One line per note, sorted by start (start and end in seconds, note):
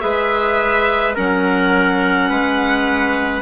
0.00 1.17 G#3
0.00 1.13 G#4
0.00 1.15 B4
0.00 1.14 E5
1.15 2.30 F#3
1.15 3.42 C#4
1.15 2.28 A#4
1.15 3.42 F#5
2.29 3.42 G#3
2.29 3.42 B4